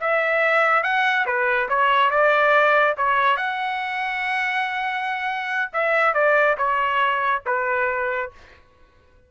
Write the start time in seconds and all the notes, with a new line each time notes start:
0.00 E5
0.83 F#5
1.26 B4
1.68 C#5
2.10 D5
2.97 C#5
3.37 F#5
5.73 E5
6.14 D5
6.57 C#5
7.46 B4